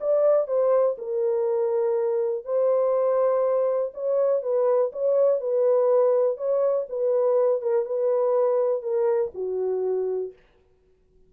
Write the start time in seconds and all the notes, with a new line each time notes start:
0.00 D5
0.47 C5
0.98 A#4
2.45 C5
3.94 C#5
4.42 B4
4.92 C#5
5.40 B4
6.37 C#5
6.89 B4
7.61 A#4
7.85 B4
8.82 A#4
9.34 F#4